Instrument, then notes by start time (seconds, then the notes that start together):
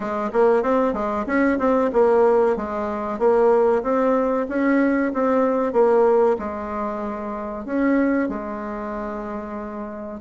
bassoon
0.00 G#3
0.32 A#3
0.62 C4
0.93 G#3
1.26 C#4
1.58 C4
1.92 A#3
2.56 G#3
3.18 A#3
3.83 C4
4.48 C#4
5.13 C4
5.72 A#3
6.39 G#3
7.65 C#4
8.28 G#3